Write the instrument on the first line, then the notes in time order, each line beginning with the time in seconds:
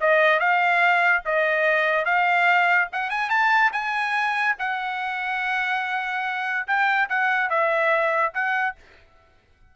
trumpet
0.00 D#5
0.39 F5
1.25 D#5
2.05 F5
2.92 F#5
3.10 G#5
3.29 A5
3.72 G#5
4.58 F#5
6.67 G5
7.09 F#5
7.49 E5
8.34 F#5